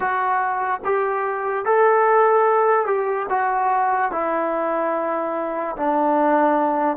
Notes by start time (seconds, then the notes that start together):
0.00 F#4
0.84 G4
1.65 A4
2.85 G4
3.29 F#4
4.11 E4
5.76 D4